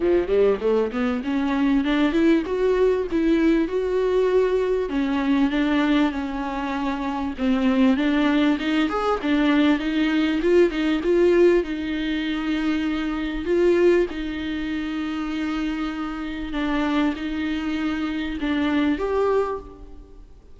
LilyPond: \new Staff \with { instrumentName = "viola" } { \time 4/4 \tempo 4 = 98 f8 g8 a8 b8 cis'4 d'8 e'8 | fis'4 e'4 fis'2 | cis'4 d'4 cis'2 | c'4 d'4 dis'8 gis'8 d'4 |
dis'4 f'8 dis'8 f'4 dis'4~ | dis'2 f'4 dis'4~ | dis'2. d'4 | dis'2 d'4 g'4 | }